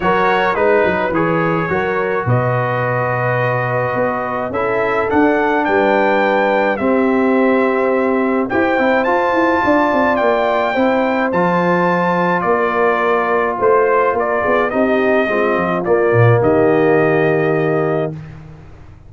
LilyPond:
<<
  \new Staff \with { instrumentName = "trumpet" } { \time 4/4 \tempo 4 = 106 cis''4 b'4 cis''2 | dis''1 | e''4 fis''4 g''2 | e''2. g''4 |
a''2 g''2 | a''2 d''2 | c''4 d''4 dis''2 | d''4 dis''2. | }
  \new Staff \with { instrumentName = "horn" } { \time 4/4 ais'4 b'2 ais'4 | b'1 | a'2 b'2 | g'2. c''4~ |
c''4 d''2 c''4~ | c''2 ais'2 | c''4 ais'8 gis'8 g'4 f'4~ | f'4 g'2. | }
  \new Staff \with { instrumentName = "trombone" } { \time 4/4 fis'4 dis'4 gis'4 fis'4~ | fis'1 | e'4 d'2. | c'2. g'8 e'8 |
f'2. e'4 | f'1~ | f'2 dis'4 c'4 | ais1 | }
  \new Staff \with { instrumentName = "tuba" } { \time 4/4 fis4 gis8 fis8 e4 fis4 | b,2. b4 | cis'4 d'4 g2 | c'2. e'8 c'8 |
f'8 e'8 d'8 c'8 ais4 c'4 | f2 ais2 | a4 ais8 b8 c'4 gis8 f8 | ais8 ais,8 dis2. | }
>>